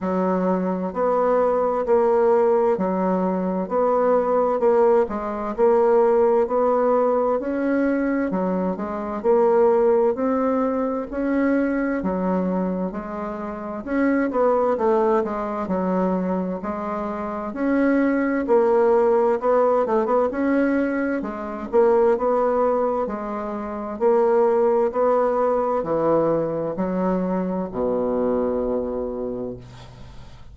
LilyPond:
\new Staff \with { instrumentName = "bassoon" } { \time 4/4 \tempo 4 = 65 fis4 b4 ais4 fis4 | b4 ais8 gis8 ais4 b4 | cis'4 fis8 gis8 ais4 c'4 | cis'4 fis4 gis4 cis'8 b8 |
a8 gis8 fis4 gis4 cis'4 | ais4 b8 a16 b16 cis'4 gis8 ais8 | b4 gis4 ais4 b4 | e4 fis4 b,2 | }